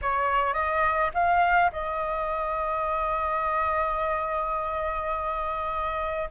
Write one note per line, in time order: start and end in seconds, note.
0.01 0.53 C#5
0.53 1.10 D#5
1.14 1.71 F5
1.72 6.29 D#5